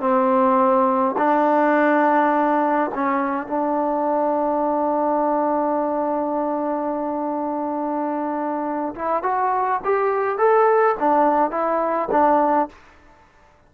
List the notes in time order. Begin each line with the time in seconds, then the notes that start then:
0.00 C4
1.18 D4
2.94 C#4
3.47 D4
8.95 E4
9.23 F#4
9.84 G4
10.38 A4
11.00 D4
11.51 E4
12.11 D4